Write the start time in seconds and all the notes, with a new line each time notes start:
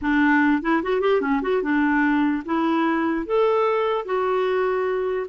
0.01 D4
0.62 E4
0.82 F#4
1.00 G4
1.21 C#4
1.42 F#4
1.62 D4
2.45 E4
3.26 A4
4.05 F#4